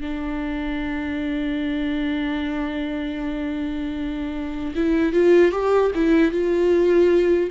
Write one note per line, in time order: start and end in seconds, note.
0.00 4.74 D4
4.75 5.12 E4
5.12 5.52 F4
5.52 5.91 G4
5.95 6.31 E4
6.31 7.50 F4